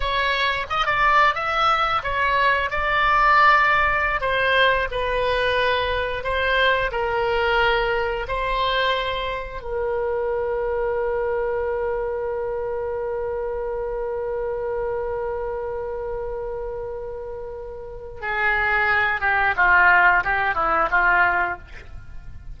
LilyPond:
\new Staff \with { instrumentName = "oboe" } { \time 4/4 \tempo 4 = 89 cis''4 dis''16 d''8. e''4 cis''4 | d''2~ d''16 c''4 b'8.~ | b'4~ b'16 c''4 ais'4.~ ais'16~ | ais'16 c''2 ais'4.~ ais'16~ |
ais'1~ | ais'1~ | ais'2. gis'4~ | gis'8 g'8 f'4 g'8 e'8 f'4 | }